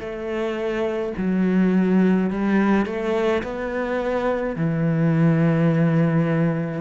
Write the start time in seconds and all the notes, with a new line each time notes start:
0.00 A3
1.18 F#3
2.31 G3
2.86 A3
3.43 B3
4.56 E3